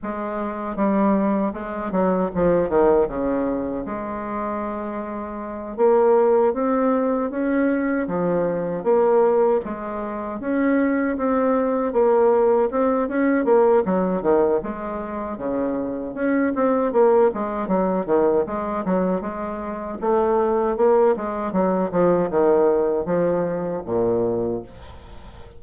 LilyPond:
\new Staff \with { instrumentName = "bassoon" } { \time 4/4 \tempo 4 = 78 gis4 g4 gis8 fis8 f8 dis8 | cis4 gis2~ gis8 ais8~ | ais8 c'4 cis'4 f4 ais8~ | ais8 gis4 cis'4 c'4 ais8~ |
ais8 c'8 cis'8 ais8 fis8 dis8 gis4 | cis4 cis'8 c'8 ais8 gis8 fis8 dis8 | gis8 fis8 gis4 a4 ais8 gis8 | fis8 f8 dis4 f4 ais,4 | }